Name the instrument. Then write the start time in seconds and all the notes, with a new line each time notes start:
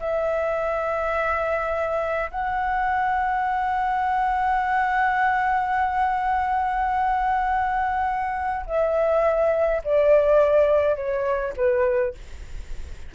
flute
0.00 E5
2.31 F#5
8.66 E5
9.84 D5
10.96 C#5
11.57 B4